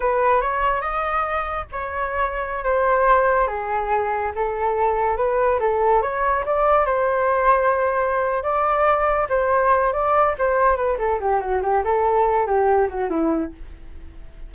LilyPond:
\new Staff \with { instrumentName = "flute" } { \time 4/4 \tempo 4 = 142 b'4 cis''4 dis''2 | cis''2~ cis''16 c''4.~ c''16~ | c''16 gis'2 a'4.~ a'16~ | a'16 b'4 a'4 cis''4 d''8.~ |
d''16 c''2.~ c''8. | d''2 c''4. d''8~ | d''8 c''4 b'8 a'8 g'8 fis'8 g'8 | a'4. g'4 fis'8 e'4 | }